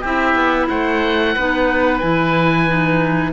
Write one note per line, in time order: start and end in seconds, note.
0.00 0.34 C4
0.00 1.37 E4
0.00 0.66 G4
0.00 0.69 E5
0.34 0.67 B3
0.69 1.36 A3
0.69 1.35 C5
0.69 1.98 F#5
1.35 2.02 B3
1.35 2.02 D#4
1.35 3.32 B4
1.98 3.32 E3
1.98 2.68 E4
1.98 3.30 G#5
2.68 3.32 D#4